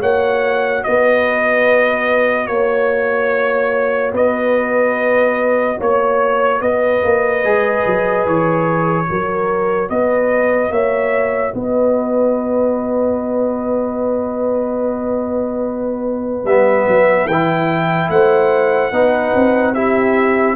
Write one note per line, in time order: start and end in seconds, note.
0.00 0.84 A#3
0.00 7.42 F#4
0.00 0.82 C#5
0.00 0.84 F#5
0.84 2.48 B3
0.84 2.50 B4
0.84 2.47 D#5
2.47 4.13 A#3
2.47 4.11 C#5
2.47 4.13 C#5
4.13 5.77 B3
4.13 5.77 B4
4.13 5.80 D#5
5.78 6.61 A#3
5.78 6.60 C#5
5.78 6.62 C#5
6.61 7.02 B3
6.61 9.08 B4
6.61 8.26 D#5
7.04 7.44 A#3
7.44 7.85 G#3
7.44 9.05 G#4
7.86 8.26 F#3
8.26 9.08 E3
8.26 9.90 C#5
9.05 9.90 F#3
9.05 16.45 F#4
9.05 9.90 A#4
9.90 10.70 B3
9.90 10.72 B4
9.90 10.72 D#5
10.70 11.52 A#3
10.70 11.54 C#5
10.70 11.54 E5
11.54 16.44 B3
11.54 18.11 B4
11.54 16.46 D#5
16.44 16.85 G3
16.44 17.29 B3
16.44 17.27 E5
16.87 17.26 F#3
17.26 18.09 E3
17.26 18.93 E4
17.26 18.09 G5
18.09 18.91 A3
18.09 18.92 C5
18.09 19.74 F#5
18.92 19.33 B3
18.92 19.75 D#4
18.92 19.74 B4
19.35 20.56 C4
19.74 20.56 E4
19.74 20.56 G4
19.74 20.56 E5